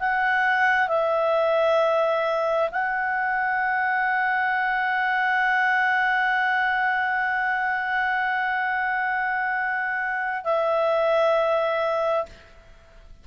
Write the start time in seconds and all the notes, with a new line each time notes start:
0.00 F#5
0.89 E5
2.71 F#5
10.44 E5